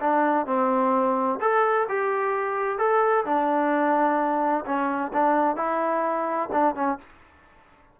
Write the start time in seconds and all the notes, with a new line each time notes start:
0.00 D4
0.46 C4
1.40 A4
1.88 G4
2.78 A4
3.25 D4
4.65 C#4
5.13 D4
5.56 E4
6.52 D4
6.75 C#4